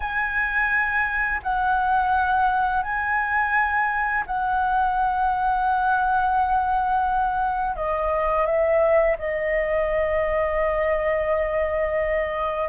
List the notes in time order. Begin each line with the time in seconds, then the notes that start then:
0.00 G#5
1.42 F#5
2.82 G#5
4.26 F#5
7.76 D#5
8.45 E5
9.18 D#5